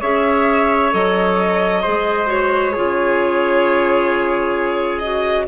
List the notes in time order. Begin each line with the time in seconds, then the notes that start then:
0.00 C#4 G#4 C#5 E5
0.91 F#3 A4 D#5
1.82 G#3 G#4 C5
2.26 F#4 C#5
2.72 C#3 F4 G#4
4.98 F#4 D#5